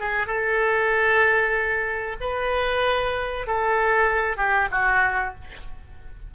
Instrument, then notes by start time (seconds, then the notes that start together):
oboe
0.00 G#4
0.27 A4
2.21 B4
3.47 A4
4.37 G4
4.72 F#4